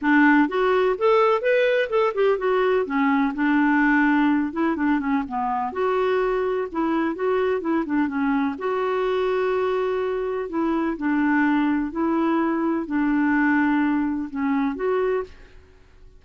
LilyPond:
\new Staff \with { instrumentName = "clarinet" } { \time 4/4 \tempo 4 = 126 d'4 fis'4 a'4 b'4 | a'8 g'8 fis'4 cis'4 d'4~ | d'4. e'8 d'8 cis'8 b4 | fis'2 e'4 fis'4 |
e'8 d'8 cis'4 fis'2~ | fis'2 e'4 d'4~ | d'4 e'2 d'4~ | d'2 cis'4 fis'4 | }